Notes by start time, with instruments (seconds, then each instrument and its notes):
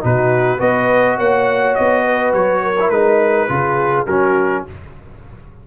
0.00 tuba B2, trombone D#4, horn F#4, trumpet B4
0.58 tuba B3, trombone F#4, horn B4, trumpet D#5
1.17 tuba A#3, horn C#5, trumpet F#5
1.75 tuba B3, trumpet D#5
2.04 horn B4
2.33 tuba F#3, trumpet C#5
2.62 horn A#4
2.79 trombone E4
2.89 tuba G#3, trombone D#4, trumpet B4
3.48 tuba C#3, trombone F4, horn G#4
4.06 tuba F#3, trombone C#4, horn F#4, trumpet A#4